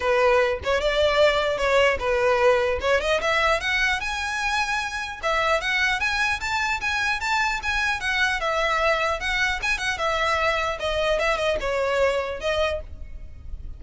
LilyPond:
\new Staff \with { instrumentName = "violin" } { \time 4/4 \tempo 4 = 150 b'4. cis''8 d''2 | cis''4 b'2 cis''8 dis''8 | e''4 fis''4 gis''2~ | gis''4 e''4 fis''4 gis''4 |
a''4 gis''4 a''4 gis''4 | fis''4 e''2 fis''4 | gis''8 fis''8 e''2 dis''4 | e''8 dis''8 cis''2 dis''4 | }